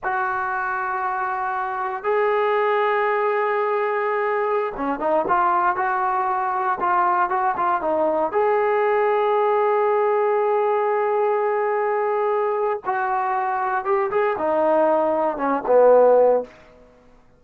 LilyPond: \new Staff \with { instrumentName = "trombone" } { \time 4/4 \tempo 4 = 117 fis'1 | gis'1~ | gis'4~ gis'16 cis'8 dis'8 f'4 fis'8.~ | fis'4~ fis'16 f'4 fis'8 f'8 dis'8.~ |
dis'16 gis'2.~ gis'8.~ | gis'1~ | gis'4 fis'2 g'8 gis'8 | dis'2 cis'8 b4. | }